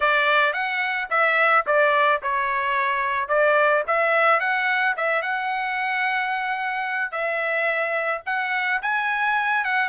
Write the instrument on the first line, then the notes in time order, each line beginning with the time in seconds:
trumpet
0.00 D5
0.53 F#5
1.10 E5
1.66 D5
2.22 C#5
3.28 D5
3.87 E5
4.40 F#5
4.96 E5
5.21 F#5
7.11 E5
8.26 F#5
8.81 G#5
9.64 F#5